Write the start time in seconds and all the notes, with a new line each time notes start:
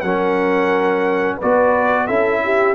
0.00 F#3 C#4 A#4 F#5
1.36 F#4 B4 D5
1.43 B3
2.06 C#4 E4 A4 E5
2.43 G4